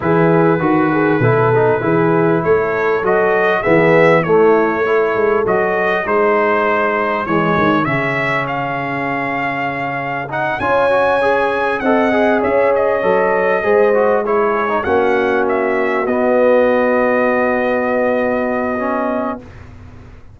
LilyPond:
<<
  \new Staff \with { instrumentName = "trumpet" } { \time 4/4 \tempo 4 = 99 b'1 | cis''4 dis''4 e''4 cis''4~ | cis''4 dis''4 c''2 | cis''4 e''4 f''2~ |
f''4 fis''8 gis''2 fis''8~ | fis''8 e''8 dis''2~ dis''8 cis''8~ | cis''8 fis''4 e''4 dis''4.~ | dis''1 | }
  \new Staff \with { instrumentName = "horn" } { \time 4/4 gis'4 fis'8 gis'8 a'4 gis'4 | a'2 gis'4 e'4 | a'2 gis'2~ | gis'1~ |
gis'4. cis''2 dis''8~ | dis''8 cis''2 c''4 gis'8~ | gis'8 fis'2.~ fis'8~ | fis'1 | }
  \new Staff \with { instrumentName = "trombone" } { \time 4/4 e'4 fis'4 e'8 dis'8 e'4~ | e'4 fis'4 b4 a4 | e'4 fis'4 dis'2 | gis4 cis'2.~ |
cis'4 dis'8 f'8 fis'8 gis'4 a'8 | gis'4. a'4 gis'8 fis'8 e'8~ | e'16 dis'16 cis'2 b4.~ | b2. cis'4 | }
  \new Staff \with { instrumentName = "tuba" } { \time 4/4 e4 dis4 b,4 e4 | a4 fis4 e4 a4~ | a8 gis8 fis4 gis2 | e8 dis8 cis2.~ |
cis4. cis'2 c'8~ | c'8 cis'4 fis4 gis4.~ | gis8 ais2 b4.~ | b1 | }
>>